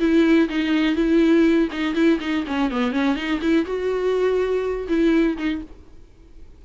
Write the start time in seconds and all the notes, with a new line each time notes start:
0.00 E4
0.49 D#4
0.95 E4
1.72 D#4
1.94 E4
2.20 D#4
2.47 C#4
2.71 B3
2.92 C#4
3.16 D#4
3.41 E4
3.65 F#4
4.88 E4
5.37 D#4